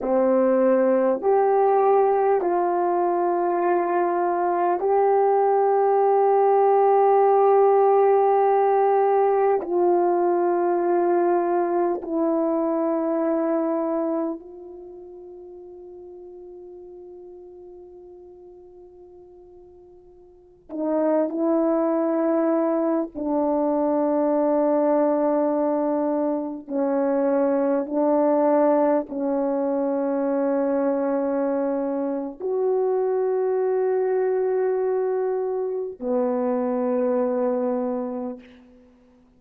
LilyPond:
\new Staff \with { instrumentName = "horn" } { \time 4/4 \tempo 4 = 50 c'4 g'4 f'2 | g'1 | f'2 e'2 | f'1~ |
f'4~ f'16 dis'8 e'4. d'8.~ | d'2~ d'16 cis'4 d'8.~ | d'16 cis'2~ cis'8. fis'4~ | fis'2 b2 | }